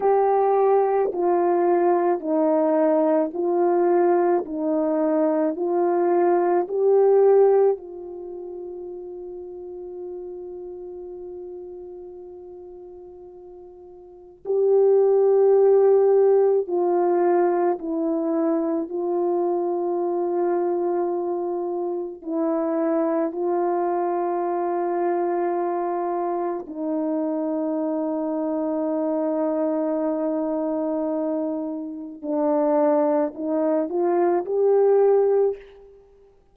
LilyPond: \new Staff \with { instrumentName = "horn" } { \time 4/4 \tempo 4 = 54 g'4 f'4 dis'4 f'4 | dis'4 f'4 g'4 f'4~ | f'1~ | f'4 g'2 f'4 |
e'4 f'2. | e'4 f'2. | dis'1~ | dis'4 d'4 dis'8 f'8 g'4 | }